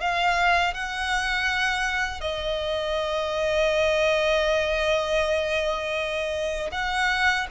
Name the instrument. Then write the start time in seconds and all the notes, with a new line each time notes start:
violin
0.00 F5
0.74 F#5
2.21 D#5
6.71 F#5